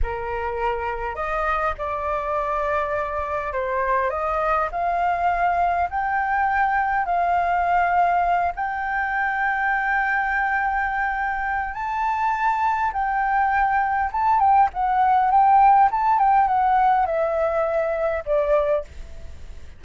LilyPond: \new Staff \with { instrumentName = "flute" } { \time 4/4 \tempo 4 = 102 ais'2 dis''4 d''4~ | d''2 c''4 dis''4 | f''2 g''2 | f''2~ f''8 g''4.~ |
g''1 | a''2 g''2 | a''8 g''8 fis''4 g''4 a''8 g''8 | fis''4 e''2 d''4 | }